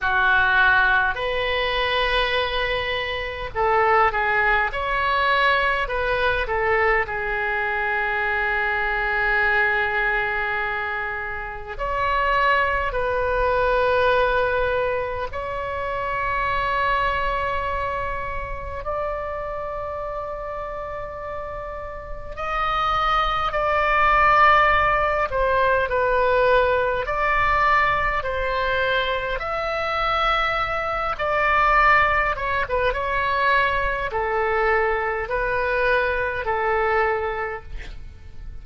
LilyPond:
\new Staff \with { instrumentName = "oboe" } { \time 4/4 \tempo 4 = 51 fis'4 b'2 a'8 gis'8 | cis''4 b'8 a'8 gis'2~ | gis'2 cis''4 b'4~ | b'4 cis''2. |
d''2. dis''4 | d''4. c''8 b'4 d''4 | c''4 e''4. d''4 cis''16 b'16 | cis''4 a'4 b'4 a'4 | }